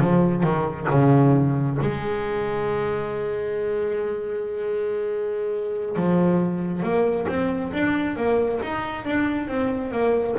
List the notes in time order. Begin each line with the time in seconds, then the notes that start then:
0.00 F3
0.43 D#3
0.90 C#3
1.81 G#3
5.96 F3
6.83 A#3
7.28 C4
7.73 D4
8.17 A#3
8.63 D#4
9.05 D4
9.48 C4
9.92 A#3